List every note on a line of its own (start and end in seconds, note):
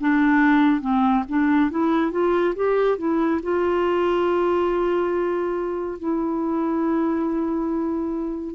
0.00 0.81 D4
0.81 1.24 C4
1.28 1.70 D4
1.70 2.11 E4
2.11 2.54 F4
2.55 2.97 G4
2.97 3.40 E4
3.42 5.98 F4
5.98 8.55 E4